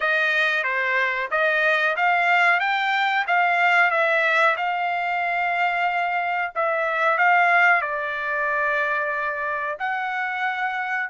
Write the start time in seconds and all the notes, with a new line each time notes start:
0.00 D#5
0.63 C5
1.30 D#5
1.96 F5
2.60 G5
3.27 F5
3.90 E5
4.57 F5
6.55 E5
7.18 F5
7.81 D5
9.79 F#5